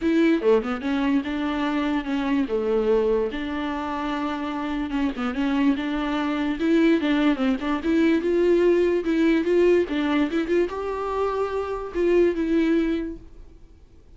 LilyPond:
\new Staff \with { instrumentName = "viola" } { \time 4/4 \tempo 4 = 146 e'4 a8 b8 cis'4 d'4~ | d'4 cis'4 a2 | d'1 | cis'8 b8 cis'4 d'2 |
e'4 d'4 c'8 d'8 e'4 | f'2 e'4 f'4 | d'4 e'8 f'8 g'2~ | g'4 f'4 e'2 | }